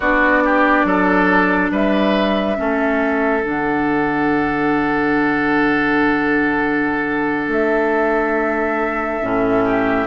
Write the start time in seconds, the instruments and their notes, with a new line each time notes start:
0.00 bassoon B3, clarinet D4, oboe F#4, flute D5
0.44 oboe G4
0.84 bassoon F#3, oboe A4
1.70 bassoon G3, oboe B4, flute E5
2.56 bassoon A3, clarinet C#4, oboe A4
3.43 bassoon D3, clarinet D4, flute F#5
7.48 bassoon A3, flute E5
9.22 bassoon A2, clarinet C#4
9.64 oboe G4